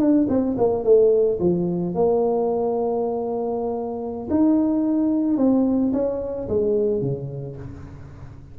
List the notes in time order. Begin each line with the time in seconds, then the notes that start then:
0.00 D4
0.29 C4
0.58 A#3
0.85 A3
1.40 F3
1.95 A#3
4.31 D#4
5.38 C4
5.93 C#4
6.49 G#3
7.02 C#3